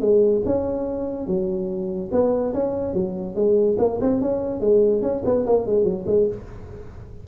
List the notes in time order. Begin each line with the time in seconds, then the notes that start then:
0.00 G#3
0.45 C#4
1.27 F#3
2.11 B3
2.53 C#4
2.93 F#3
3.35 G#3
3.78 A#3
4.00 C4
4.21 C#4
4.60 G#3
5.02 C#4
5.24 B3
5.46 A#3
5.66 G#3
5.84 F#3
6.06 G#3